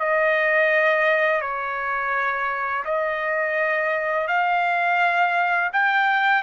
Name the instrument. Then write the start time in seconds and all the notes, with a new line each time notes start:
trumpet
0.00 D#5
1.42 C#5
2.85 D#5
4.28 F5
5.73 G5